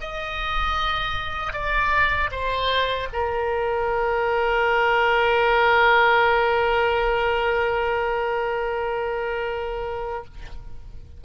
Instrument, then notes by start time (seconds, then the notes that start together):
oboe
0.00 D#5
1.52 D5
2.31 C5
3.12 A#4